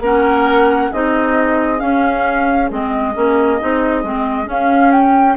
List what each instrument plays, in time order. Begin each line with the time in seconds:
0.00 bassoon A#3, clarinet C#4, oboe A#4, flute F#5
0.91 bassoon C4, clarinet D#4, oboe G#4, flute D#5
1.79 clarinet C#4, bassoon C#4, flute F5
2.71 bassoon G#3, clarinet C4, flute D#5
3.14 bassoon A#3, clarinet C#4
3.60 bassoon C4, clarinet D#4
4.04 bassoon G#3, clarinet C4
4.45 clarinet C#4, bassoon C#4, flute F5
4.92 flute G5